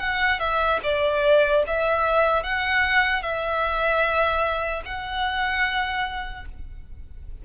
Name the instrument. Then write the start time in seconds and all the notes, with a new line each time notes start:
violin
0.00 F#5
0.40 E5
0.84 D5
1.67 E5
2.44 F#5
3.23 E5
4.86 F#5